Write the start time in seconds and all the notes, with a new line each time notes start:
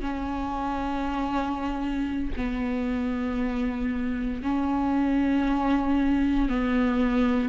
0.00 C#4
2.36 B3
4.42 C#4
6.49 B3